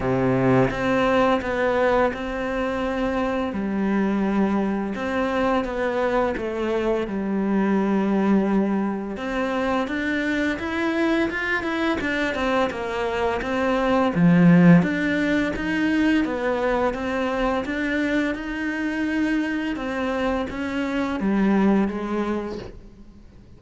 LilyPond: \new Staff \with { instrumentName = "cello" } { \time 4/4 \tempo 4 = 85 c4 c'4 b4 c'4~ | c'4 g2 c'4 | b4 a4 g2~ | g4 c'4 d'4 e'4 |
f'8 e'8 d'8 c'8 ais4 c'4 | f4 d'4 dis'4 b4 | c'4 d'4 dis'2 | c'4 cis'4 g4 gis4 | }